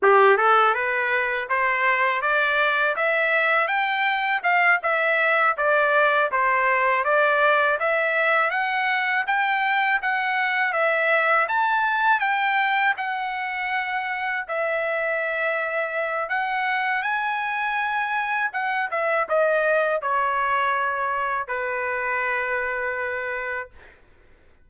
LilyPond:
\new Staff \with { instrumentName = "trumpet" } { \time 4/4 \tempo 4 = 81 g'8 a'8 b'4 c''4 d''4 | e''4 g''4 f''8 e''4 d''8~ | d''8 c''4 d''4 e''4 fis''8~ | fis''8 g''4 fis''4 e''4 a''8~ |
a''8 g''4 fis''2 e''8~ | e''2 fis''4 gis''4~ | gis''4 fis''8 e''8 dis''4 cis''4~ | cis''4 b'2. | }